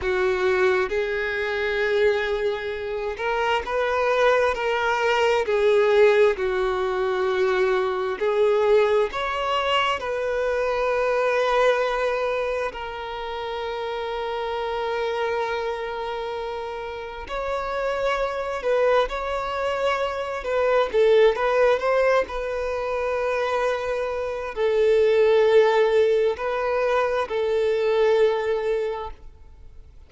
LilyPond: \new Staff \with { instrumentName = "violin" } { \time 4/4 \tempo 4 = 66 fis'4 gis'2~ gis'8 ais'8 | b'4 ais'4 gis'4 fis'4~ | fis'4 gis'4 cis''4 b'4~ | b'2 ais'2~ |
ais'2. cis''4~ | cis''8 b'8 cis''4. b'8 a'8 b'8 | c''8 b'2~ b'8 a'4~ | a'4 b'4 a'2 | }